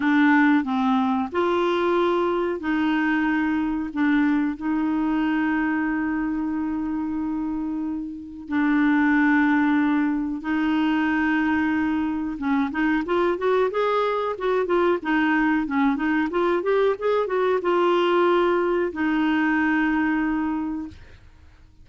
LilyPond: \new Staff \with { instrumentName = "clarinet" } { \time 4/4 \tempo 4 = 92 d'4 c'4 f'2 | dis'2 d'4 dis'4~ | dis'1~ | dis'4 d'2. |
dis'2. cis'8 dis'8 | f'8 fis'8 gis'4 fis'8 f'8 dis'4 | cis'8 dis'8 f'8 g'8 gis'8 fis'8 f'4~ | f'4 dis'2. | }